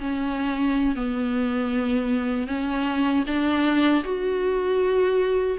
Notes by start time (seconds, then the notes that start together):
0.00 C#4
0.96 B3
2.47 C#4
3.27 D4
4.04 F#4